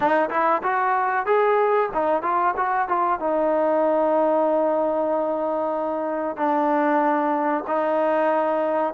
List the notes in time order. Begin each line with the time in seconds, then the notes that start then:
0.00 D#4
0.30 E4
0.62 F#4
1.26 G#4
1.93 D#4
2.22 F4
2.56 F#4
2.88 F4
3.19 D#4
6.36 D4
7.67 D#4